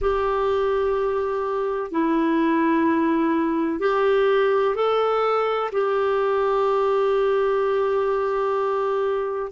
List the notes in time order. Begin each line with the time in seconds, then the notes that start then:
0.01 G4
1.91 E4
3.79 G4
4.75 A4
5.71 G4